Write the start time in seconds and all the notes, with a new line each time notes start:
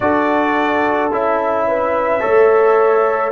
0.00 D4 F#4 A4 D5
1.11 C#4 E4 E5
1.67 B4
2.20 A3 A4 C#5